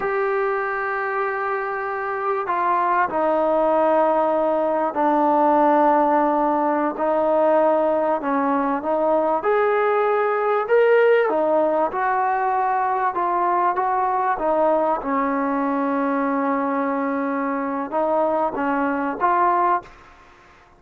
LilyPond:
\new Staff \with { instrumentName = "trombone" } { \time 4/4 \tempo 4 = 97 g'1 | f'4 dis'2. | d'2.~ d'16 dis'8.~ | dis'4~ dis'16 cis'4 dis'4 gis'8.~ |
gis'4~ gis'16 ais'4 dis'4 fis'8.~ | fis'4~ fis'16 f'4 fis'4 dis'8.~ | dis'16 cis'2.~ cis'8.~ | cis'4 dis'4 cis'4 f'4 | }